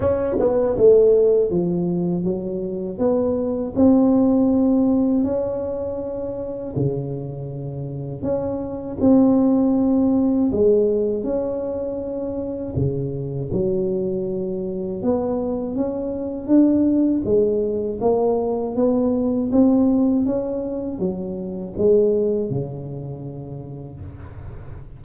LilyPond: \new Staff \with { instrumentName = "tuba" } { \time 4/4 \tempo 4 = 80 cis'8 b8 a4 f4 fis4 | b4 c'2 cis'4~ | cis'4 cis2 cis'4 | c'2 gis4 cis'4~ |
cis'4 cis4 fis2 | b4 cis'4 d'4 gis4 | ais4 b4 c'4 cis'4 | fis4 gis4 cis2 | }